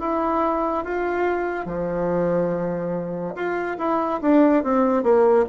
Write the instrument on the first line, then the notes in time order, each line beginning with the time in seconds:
bassoon
0.00 E4
0.85 F4
1.66 F3
3.35 F4
3.78 E4
4.22 D4
4.64 C4
5.03 A#3